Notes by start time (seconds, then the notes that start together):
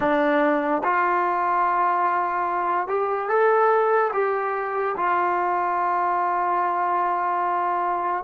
0.00 D4
0.83 F4
2.87 G4
3.29 A4
4.13 G4
4.97 F4